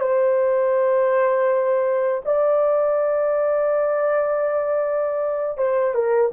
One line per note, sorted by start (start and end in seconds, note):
0.00 2.22 C5
2.25 5.58 D5
5.58 5.94 C5
5.94 6.31 A#4